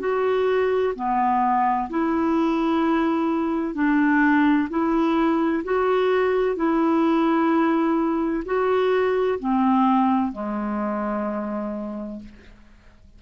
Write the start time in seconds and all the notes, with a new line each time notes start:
0.00 F#4
0.96 B3
1.90 E4
3.75 D4
4.70 E4
5.65 F#4
6.56 E4
8.46 F#4
9.40 C4
10.33 G#3